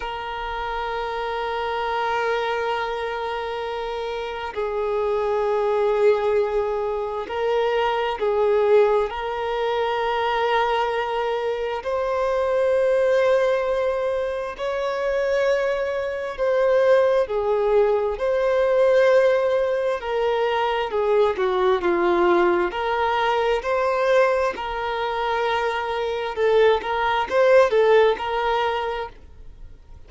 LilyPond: \new Staff \with { instrumentName = "violin" } { \time 4/4 \tempo 4 = 66 ais'1~ | ais'4 gis'2. | ais'4 gis'4 ais'2~ | ais'4 c''2. |
cis''2 c''4 gis'4 | c''2 ais'4 gis'8 fis'8 | f'4 ais'4 c''4 ais'4~ | ais'4 a'8 ais'8 c''8 a'8 ais'4 | }